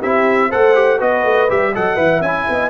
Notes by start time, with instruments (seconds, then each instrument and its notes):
0.00 tuba C4, trombone E4, horn G4, trumpet E5
0.49 tuba A3, trombone A4, horn C5, trumpet F#5
0.74 trombone G4
0.98 tuba B3, trombone F#4, horn B4, trumpet D#5
1.24 tuba A3
1.49 tuba G3, trombone G4, trumpet E5
1.74 tuba F#3, trombone A4, horn D#5, trumpet F#5
1.95 tuba E3, trombone B4, horn E5
2.21 tuba C#4, trombone E4, trumpet G#5
2.49 tuba B3, horn D#5